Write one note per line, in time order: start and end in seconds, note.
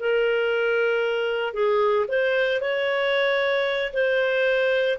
0.00 1.54 A#4
1.54 2.07 G#4
2.09 2.61 C5
2.61 3.93 C#5
3.94 4.99 C5